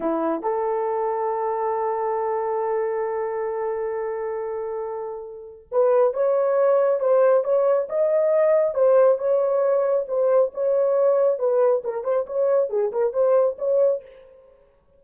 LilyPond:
\new Staff \with { instrumentName = "horn" } { \time 4/4 \tempo 4 = 137 e'4 a'2.~ | a'1~ | a'1~ | a'4 b'4 cis''2 |
c''4 cis''4 dis''2 | c''4 cis''2 c''4 | cis''2 b'4 ais'8 c''8 | cis''4 gis'8 ais'8 c''4 cis''4 | }